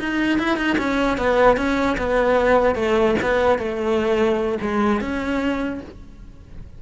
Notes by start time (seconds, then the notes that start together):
0.00 D#4
0.39 E4
0.57 D#4
0.79 C#4
1.18 B3
1.57 C#4
1.98 B3
2.76 A3
3.23 B3
3.59 A3
4.62 G#3
5.01 C#4